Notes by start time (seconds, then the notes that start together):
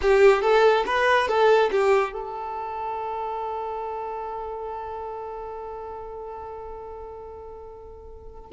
0.01 G4
0.41 A4
0.85 B4
1.27 A4
1.71 G4
2.12 A4